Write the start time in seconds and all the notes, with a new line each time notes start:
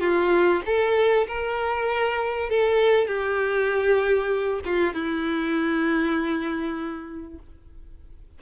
0.00 F4
0.66 A4
1.27 A#4
2.50 A4
3.07 G4
4.64 F4
4.93 E4